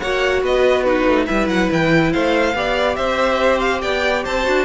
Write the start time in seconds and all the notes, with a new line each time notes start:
0.00 A#3 F#4 C#5 F#5
0.42 B3 B4 D#5
0.84 D#4 F#4 B4
1.07 A3
1.27 G3 E4 B4 E5
1.48 F#3 F#5
1.72 E3 G5
2.13 A3 C5 F5
2.55 B3 G4 D5
2.96 C4 C5 E5
3.60 F5
3.82 B3 D5 G5
4.25 C4 C5 A5
4.45 D4 F#4